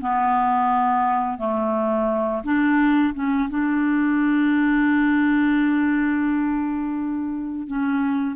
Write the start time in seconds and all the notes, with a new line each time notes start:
0.00 B3
1.38 A3
2.44 D4
3.14 C#4
3.49 D4
7.67 C#4